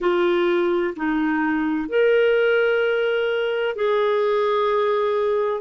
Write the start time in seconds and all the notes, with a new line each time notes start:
0.00 F4
0.96 D#4
1.88 A#4
3.75 G#4